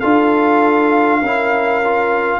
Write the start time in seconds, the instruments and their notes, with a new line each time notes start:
0.00 tuba D4, trombone F4, horn A4, trumpet F5
1.21 tuba C#4, trombone E4, horn A#4
1.84 trombone F4